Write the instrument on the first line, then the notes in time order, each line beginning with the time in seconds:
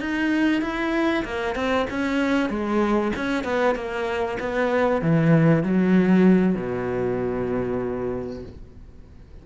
cello
0.00 D#4
0.61 E4
1.25 A#3
1.55 C4
1.90 C#4
2.49 G#3
3.16 C#4
3.44 B3
3.75 A#3
4.39 B3
5.01 E3
5.63 F#3
6.55 B2